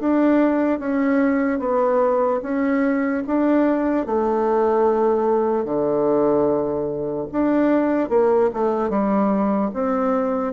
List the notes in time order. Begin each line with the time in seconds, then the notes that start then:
0.00 D4
0.80 C#4
1.60 B3
2.43 C#4
3.27 D4
4.07 A3
5.65 D3
7.32 D4
8.10 A#3
8.54 A3
8.90 G3
9.74 C4